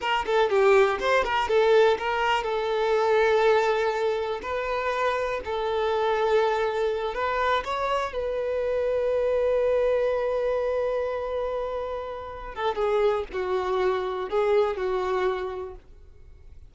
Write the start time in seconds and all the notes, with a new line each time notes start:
0.00 A#4
0.26 A4
0.49 G4
1.00 C5
1.24 A#4
1.48 A4
1.98 A#4
2.43 A4
4.42 B4
5.45 A4
7.14 B4
7.64 C#5
8.12 B4
12.54 A4
12.75 G#4
13.32 F#4
14.29 G#4
14.76 F#4